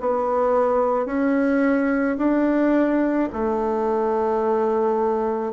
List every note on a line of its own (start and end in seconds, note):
0.00 1.06 B3
1.06 2.17 C#4
2.18 3.29 D4
3.33 5.53 A3